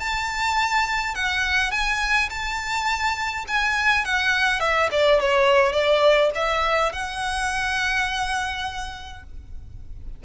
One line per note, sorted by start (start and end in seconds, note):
0.00 1.15 A5
1.15 1.72 F#5
1.72 2.29 G#5
2.30 3.45 A5
3.48 4.05 G#5
4.05 4.60 F#5
4.60 4.89 E5
4.91 5.20 D5
5.20 5.73 C#5
5.73 6.30 D5
6.35 6.93 E5
6.93 9.24 F#5